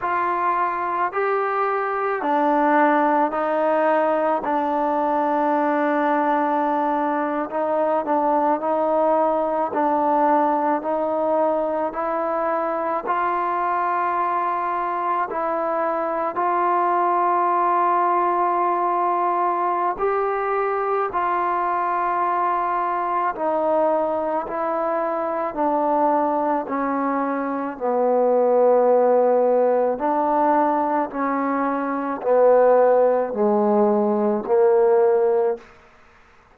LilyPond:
\new Staff \with { instrumentName = "trombone" } { \time 4/4 \tempo 4 = 54 f'4 g'4 d'4 dis'4 | d'2~ d'8. dis'8 d'8 dis'16~ | dis'8. d'4 dis'4 e'4 f'16~ | f'4.~ f'16 e'4 f'4~ f'16~ |
f'2 g'4 f'4~ | f'4 dis'4 e'4 d'4 | cis'4 b2 d'4 | cis'4 b4 gis4 ais4 | }